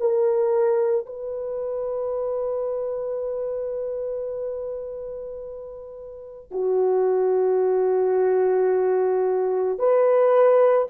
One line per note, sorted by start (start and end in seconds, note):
0.00 1.06 A#4
1.06 6.52 B4
6.52 9.79 F#4
9.79 10.88 B4